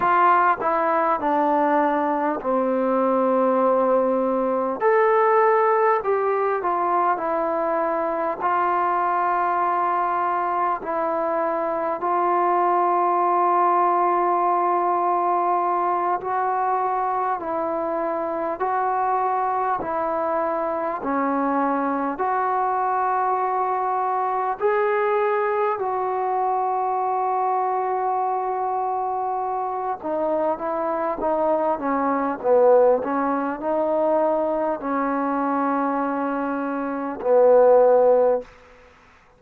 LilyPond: \new Staff \with { instrumentName = "trombone" } { \time 4/4 \tempo 4 = 50 f'8 e'8 d'4 c'2 | a'4 g'8 f'8 e'4 f'4~ | f'4 e'4 f'2~ | f'4. fis'4 e'4 fis'8~ |
fis'8 e'4 cis'4 fis'4.~ | fis'8 gis'4 fis'2~ fis'8~ | fis'4 dis'8 e'8 dis'8 cis'8 b8 cis'8 | dis'4 cis'2 b4 | }